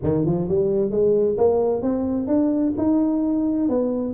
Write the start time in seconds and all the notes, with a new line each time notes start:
0.02 D#3
0.25 F3
0.48 G3
0.91 G#3
1.37 A#3
1.82 C4
2.27 D4
2.77 D#4
3.68 B3